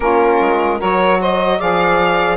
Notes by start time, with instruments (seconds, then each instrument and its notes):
0.00 bassoon A#3, saxophone C#4 F4, violin A#4
0.40 bassoon G#3
0.79 bassoon F#3, saxophone F#4 A#4, violin C#5
1.20 saxophone C5, violin D#5
1.57 bassoon F3, saxophone G#4 D5, violin F5